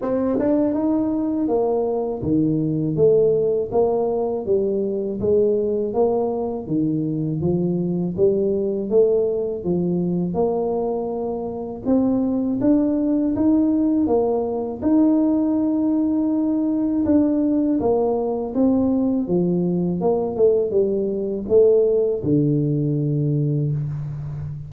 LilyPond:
\new Staff \with { instrumentName = "tuba" } { \time 4/4 \tempo 4 = 81 c'8 d'8 dis'4 ais4 dis4 | a4 ais4 g4 gis4 | ais4 dis4 f4 g4 | a4 f4 ais2 |
c'4 d'4 dis'4 ais4 | dis'2. d'4 | ais4 c'4 f4 ais8 a8 | g4 a4 d2 | }